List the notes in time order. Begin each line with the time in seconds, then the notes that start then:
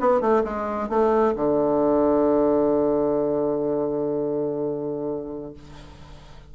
0.00 B3
0.21 A3
0.44 G#3
0.89 A3
1.36 D3